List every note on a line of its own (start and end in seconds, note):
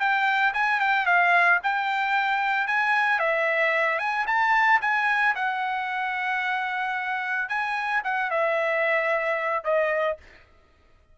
0.00 0.54 G5
0.54 0.80 G#5
0.80 1.06 G5
1.06 1.60 F5
1.64 2.67 G5
2.67 3.20 G#5
3.20 3.99 E5
3.99 4.26 G#5
4.27 4.81 A5
4.82 5.35 G#5
5.36 7.49 F#5
7.49 8.03 G#5
8.05 8.31 F#5
8.31 9.65 E5
9.65 10.18 D#5